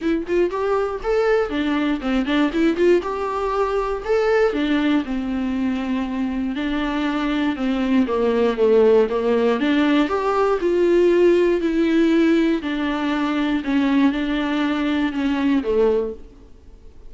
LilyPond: \new Staff \with { instrumentName = "viola" } { \time 4/4 \tempo 4 = 119 e'8 f'8 g'4 a'4 d'4 | c'8 d'8 e'8 f'8 g'2 | a'4 d'4 c'2~ | c'4 d'2 c'4 |
ais4 a4 ais4 d'4 | g'4 f'2 e'4~ | e'4 d'2 cis'4 | d'2 cis'4 a4 | }